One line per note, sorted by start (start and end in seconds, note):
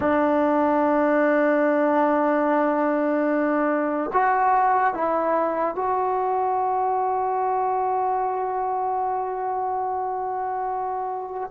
0.00 4.10 D4
4.13 4.94 F#4
4.94 5.75 E4
5.75 11.50 F#4